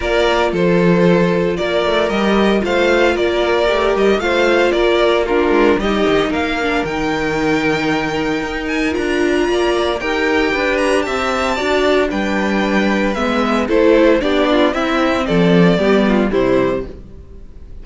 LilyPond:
<<
  \new Staff \with { instrumentName = "violin" } { \time 4/4 \tempo 4 = 114 d''4 c''2 d''4 | dis''4 f''4 d''4. dis''8 | f''4 d''4 ais'4 dis''4 | f''4 g''2.~ |
g''8 gis''8 ais''2 g''4~ | g''8 ais''8 a''2 g''4~ | g''4 e''4 c''4 d''4 | e''4 d''2 c''4 | }
  \new Staff \with { instrumentName = "violin" } { \time 4/4 ais'4 a'2 ais'4~ | ais'4 c''4 ais'2 | c''4 ais'4 f'4 g'4 | ais'1~ |
ais'2 d''4 ais'4 | b'4 e''4 d''4 b'4~ | b'2 a'4 g'8 f'8 | e'4 a'4 g'8 f'8 e'4 | }
  \new Staff \with { instrumentName = "viola" } { \time 4/4 f'1 | g'4 f'2 g'4 | f'2 d'4 dis'4~ | dis'8 d'8 dis'2.~ |
dis'4 f'2 g'4~ | g'2 fis'4 d'4~ | d'4 b4 e'4 d'4 | c'2 b4 g4 | }
  \new Staff \with { instrumentName = "cello" } { \time 4/4 ais4 f2 ais8 a8 | g4 a4 ais4 a8 g8 | a4 ais4. gis8 g8 dis8 | ais4 dis2. |
dis'4 d'4 ais4 dis'4 | d'4 c'4 d'4 g4~ | g4 gis4 a4 b4 | c'4 f4 g4 c4 | }
>>